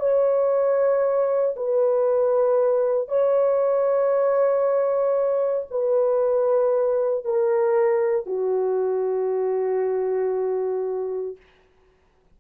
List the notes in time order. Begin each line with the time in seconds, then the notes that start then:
0.00 C#5
1.56 B4
3.08 C#5
5.71 B4
7.25 A#4
8.27 F#4